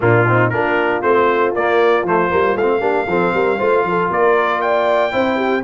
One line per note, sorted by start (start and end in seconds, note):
0.00 0.52 A#2
0.00 0.25 A#3
0.00 0.27 D4
0.00 0.49 F4
0.27 0.52 C4
0.27 0.52 D#4
0.49 1.03 A#3
0.49 1.03 D4
0.49 2.79 F4
0.49 1.01 A#4
1.02 1.53 A3
1.02 1.54 C4
1.02 1.53 C5
1.53 2.03 A#3
1.53 2.06 A#3
1.53 2.06 D5
2.03 2.29 F3
2.03 2.29 A3
2.03 2.57 C5
2.29 2.55 G3
2.29 2.55 A#3
2.55 2.80 A3
2.55 4.11 F5
2.61 2.80 C4
2.79 3.06 A#3
2.79 3.06 D4
2.79 3.05 G4
3.06 3.32 F3
3.06 3.59 C4
3.06 3.34 A4
3.33 3.59 G3
3.33 3.57 A#4
3.57 3.83 A3
3.57 5.11 F4
3.57 3.83 C5
3.83 4.08 F3
3.83 4.10 A4
4.10 5.12 A#3
4.10 4.61 A#4
4.10 4.61 D5
4.61 5.12 D5
4.61 5.63 G5
5.11 5.64 C4
5.11 5.62 E4
5.11 5.36 C5
5.36 5.61 G4